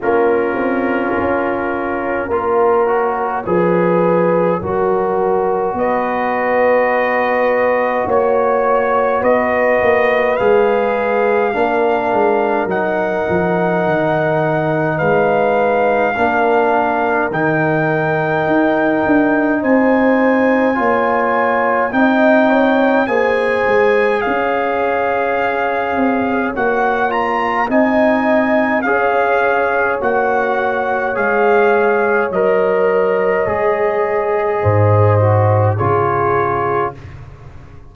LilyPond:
<<
  \new Staff \with { instrumentName = "trumpet" } { \time 4/4 \tempo 4 = 52 ais'2 cis''2~ | cis''4 dis''2 cis''4 | dis''4 f''2 fis''4~ | fis''4 f''2 g''4~ |
g''4 gis''2 g''4 | gis''4 f''2 fis''8 ais''8 | gis''4 f''4 fis''4 f''4 | dis''2. cis''4 | }
  \new Staff \with { instrumentName = "horn" } { \time 4/4 f'2 ais'4 b'4 | ais'4 b'2 cis''4 | b'2 ais'2~ | ais'4 b'4 ais'2~ |
ais'4 c''4 cis''4 dis''8 cis''8 | c''4 cis''2. | dis''4 cis''2.~ | cis''2 c''4 gis'4 | }
  \new Staff \with { instrumentName = "trombone" } { \time 4/4 cis'2 f'8 fis'8 gis'4 | fis'1~ | fis'4 gis'4 d'4 dis'4~ | dis'2 d'4 dis'4~ |
dis'2 f'4 dis'4 | gis'2. fis'8 f'8 | dis'4 gis'4 fis'4 gis'4 | ais'4 gis'4. fis'8 f'4 | }
  \new Staff \with { instrumentName = "tuba" } { \time 4/4 ais8 c'8 cis'4 ais4 f4 | fis4 b2 ais4 | b8 ais8 gis4 ais8 gis8 fis8 f8 | dis4 gis4 ais4 dis4 |
dis'8 d'8 c'4 ais4 c'4 | ais8 gis8 cis'4. c'8 ais4 | c'4 cis'4 ais4 gis4 | fis4 gis4 gis,4 cis4 | }
>>